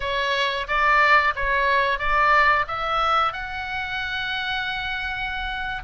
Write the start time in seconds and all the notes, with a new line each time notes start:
0.00 C#5
0.67 D5
1.35 C#5
1.98 D5
2.67 E5
3.32 F#5